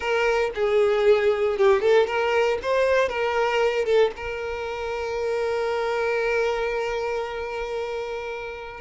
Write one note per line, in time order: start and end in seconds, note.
0.00 0.50 A#4
0.54 1.57 G#4
1.57 1.81 G4
1.81 2.06 A4
2.06 2.58 A#4
2.62 3.08 C5
3.08 3.85 A#4
3.85 4.11 A4
4.16 8.80 A#4